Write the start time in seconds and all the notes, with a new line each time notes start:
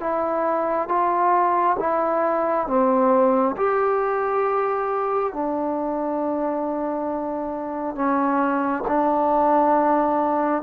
0.00 E4
0.89 F4
1.79 E4
2.68 C4
3.57 G4
5.33 D4
7.95 C#4
8.88 D4